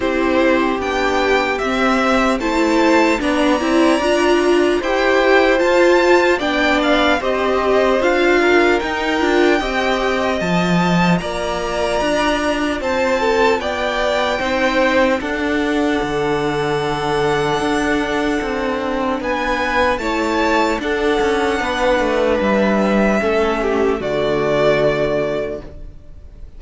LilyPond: <<
  \new Staff \with { instrumentName = "violin" } { \time 4/4 \tempo 4 = 75 c''4 g''4 e''4 a''4 | ais''2 g''4 a''4 | g''8 f''8 dis''4 f''4 g''4~ | g''4 a''4 ais''2 |
a''4 g''2 fis''4~ | fis''1 | gis''4 a''4 fis''2 | e''2 d''2 | }
  \new Staff \with { instrumentName = "violin" } { \time 4/4 g'2. c''4 | d''2 c''2 | d''4 c''4. ais'4. | dis''2 d''2 |
c''8 a'8 d''4 c''4 a'4~ | a'1 | b'4 cis''4 a'4 b'4~ | b'4 a'8 g'8 fis'2 | }
  \new Staff \with { instrumentName = "viola" } { \time 4/4 e'4 d'4 c'4 e'4 | d'8 e'8 f'4 g'4 f'4 | d'4 g'4 f'4 dis'8 f'8 | g'4 f'2.~ |
f'2 dis'4 d'4~ | d'1~ | d'4 e'4 d'2~ | d'4 cis'4 a2 | }
  \new Staff \with { instrumentName = "cello" } { \time 4/4 c'4 b4 c'4 a4 | b8 c'8 d'4 e'4 f'4 | b4 c'4 d'4 dis'8 d'8 | c'4 f4 ais4 d'4 |
c'4 b4 c'4 d'4 | d2 d'4 c'4 | b4 a4 d'8 cis'8 b8 a8 | g4 a4 d2 | }
>>